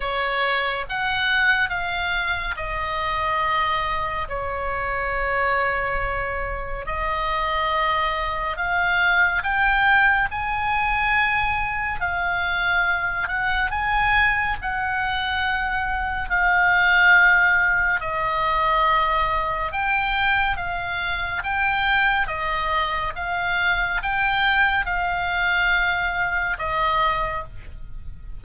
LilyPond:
\new Staff \with { instrumentName = "oboe" } { \time 4/4 \tempo 4 = 70 cis''4 fis''4 f''4 dis''4~ | dis''4 cis''2. | dis''2 f''4 g''4 | gis''2 f''4. fis''8 |
gis''4 fis''2 f''4~ | f''4 dis''2 g''4 | f''4 g''4 dis''4 f''4 | g''4 f''2 dis''4 | }